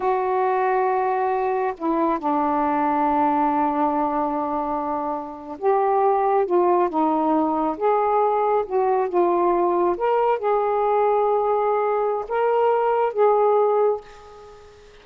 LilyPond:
\new Staff \with { instrumentName = "saxophone" } { \time 4/4 \tempo 4 = 137 fis'1 | e'4 d'2.~ | d'1~ | d'8. g'2 f'4 dis'16~ |
dis'4.~ dis'16 gis'2 fis'16~ | fis'8. f'2 ais'4 gis'16~ | gis'1 | ais'2 gis'2 | }